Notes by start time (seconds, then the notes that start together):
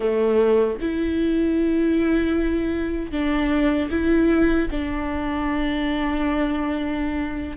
0.00 A3
0.80 E4
3.11 D4
3.90 E4
4.70 D4